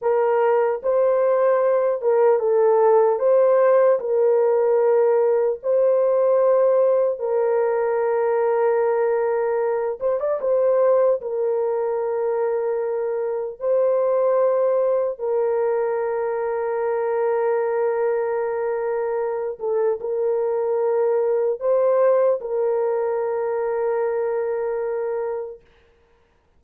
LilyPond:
\new Staff \with { instrumentName = "horn" } { \time 4/4 \tempo 4 = 75 ais'4 c''4. ais'8 a'4 | c''4 ais'2 c''4~ | c''4 ais'2.~ | ais'8 c''16 d''16 c''4 ais'2~ |
ais'4 c''2 ais'4~ | ais'1~ | ais'8 a'8 ais'2 c''4 | ais'1 | }